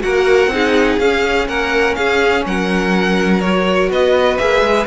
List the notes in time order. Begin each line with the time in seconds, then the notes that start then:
0.00 A#3 F#4 A#4 F#5
0.46 C4 D#4
0.53 G#4
0.99 C#4 F5
1.48 A#3 A#4 F#5
1.95 C#4 G#4 F5
2.45 F#3 A#4 F#5
3.40 F#4 C#5
3.89 B3 B4 D#5
4.37 A#3 G#4 E5
4.61 G#3